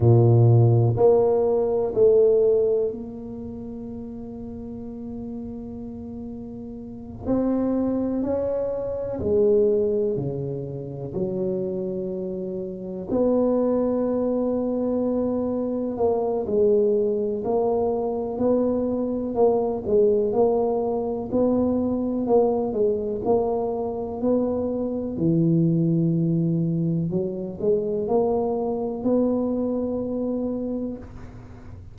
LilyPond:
\new Staff \with { instrumentName = "tuba" } { \time 4/4 \tempo 4 = 62 ais,4 ais4 a4 ais4~ | ais2.~ ais8 c'8~ | c'8 cis'4 gis4 cis4 fis8~ | fis4. b2~ b8~ |
b8 ais8 gis4 ais4 b4 | ais8 gis8 ais4 b4 ais8 gis8 | ais4 b4 e2 | fis8 gis8 ais4 b2 | }